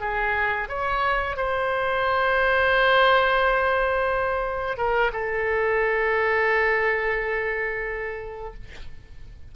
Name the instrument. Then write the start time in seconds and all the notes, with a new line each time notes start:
oboe
0.00 G#4
0.68 C#5
1.36 C5
4.77 A#4
5.12 A4